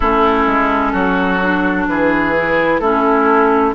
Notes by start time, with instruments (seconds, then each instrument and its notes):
0.00 bassoon A3, clarinet C#4, oboe E4, flute A4
0.46 bassoon G#3
0.92 bassoon F#3, oboe F#4
1.41 clarinet D4
1.88 bassoon E3, oboe G#4, flute B4
2.36 clarinet E4
2.79 bassoon A3, clarinet C#4, oboe E4, flute A4